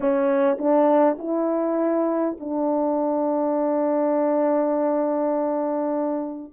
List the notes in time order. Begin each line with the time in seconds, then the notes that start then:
0.00 C#4
0.58 D4
1.19 E4
2.40 D4